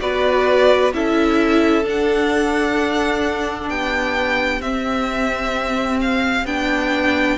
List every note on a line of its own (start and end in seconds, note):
0.00 0.94 B3
0.00 0.92 F#4
0.00 0.94 B4
0.00 0.93 D5
0.93 1.85 C#4
0.93 1.84 E4
0.93 3.71 A4
0.93 1.86 E5
1.84 4.61 D4
1.84 3.69 D4
1.84 3.69 F#5
3.69 4.61 B3
3.69 7.38 G4
3.69 4.61 G5
4.61 6.45 C4
4.61 6.47 C4
4.61 6.00 E5
6.01 6.46 F5
6.45 7.37 B3
6.45 7.38 D4
6.45 7.38 G5